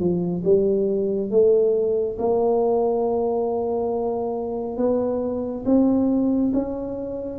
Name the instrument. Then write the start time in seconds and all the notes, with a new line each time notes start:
tuba
0.00 F3
0.44 G3
1.31 A3
2.19 A#3
4.77 B3
5.66 C4
6.53 C#4